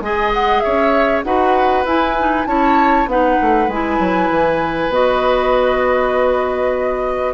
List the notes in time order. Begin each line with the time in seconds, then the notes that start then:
0.00 G#3 G#4 D#5 G#5
0.33 F#5
0.60 C#5 E5
0.66 C#4
1.23 D#4 F#4 B4 F#5
1.85 E4 G#5
2.18 D#4
2.46 C#4 E4 C#5 A5
3.06 B3 D#4 B4 F#5
3.41 A3
3.67 G#3 E4 G#5
3.99 F#3
4.29 E3
4.89 B3 F#4 D#5